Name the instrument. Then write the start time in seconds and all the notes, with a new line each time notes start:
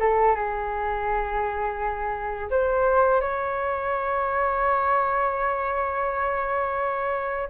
flute
0.00 A4
0.36 G#4
2.51 C5
3.21 C#5